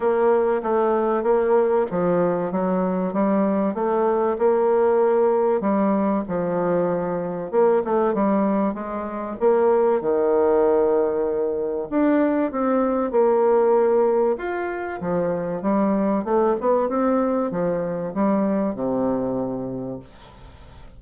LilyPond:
\new Staff \with { instrumentName = "bassoon" } { \time 4/4 \tempo 4 = 96 ais4 a4 ais4 f4 | fis4 g4 a4 ais4~ | ais4 g4 f2 | ais8 a8 g4 gis4 ais4 |
dis2. d'4 | c'4 ais2 f'4 | f4 g4 a8 b8 c'4 | f4 g4 c2 | }